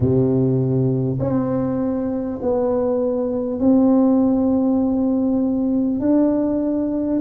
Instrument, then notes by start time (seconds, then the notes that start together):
tuba
0.00 C3
1.19 C4
2.42 B3
3.60 C4
6.00 D4